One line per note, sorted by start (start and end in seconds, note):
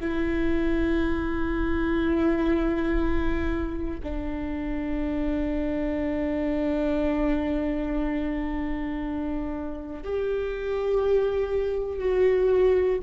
0.00 4.00 E4
4.03 10.03 D4
10.04 12.00 G4
12.00 13.00 F#4